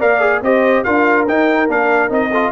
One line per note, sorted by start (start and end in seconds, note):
0.00 0.42 A#3
0.00 0.20 A#4
0.00 0.42 D5
0.00 0.43 F5
0.20 0.41 G#4
0.42 0.84 C4
0.42 0.86 G4
0.42 0.86 C5
0.42 0.84 D#5
0.84 1.29 D4
0.84 1.27 F4
0.84 2.31 A#4
0.84 1.26 F5
1.28 1.69 D#4
1.28 1.70 G5
1.69 2.10 A#3
1.69 2.09 D4
1.69 2.13 F5
2.09 2.52 C4
2.09 2.30 D#4
2.09 2.53 D#5
2.32 2.53 F4
2.32 2.52 A4